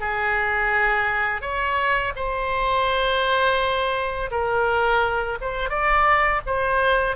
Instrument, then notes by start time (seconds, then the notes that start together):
oboe
0.00 G#4
1.41 C#5
2.16 C5
4.31 A#4
5.41 C5
5.69 D5
6.46 C5